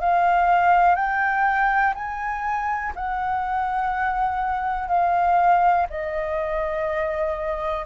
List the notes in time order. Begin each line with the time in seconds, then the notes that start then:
0.00 F5
0.96 G5
1.95 G#5
2.96 F#5
4.88 F5
5.90 D#5